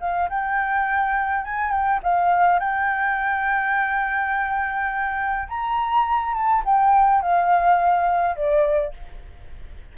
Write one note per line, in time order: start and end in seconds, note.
0.00 0.29 F5
0.29 1.44 G5
1.44 1.71 G#5
1.71 2.00 G5
2.03 2.59 F5
2.59 5.48 G5
5.48 6.34 A#5
6.34 6.63 A5
6.65 7.21 G5
7.21 8.36 F5
8.36 8.93 D5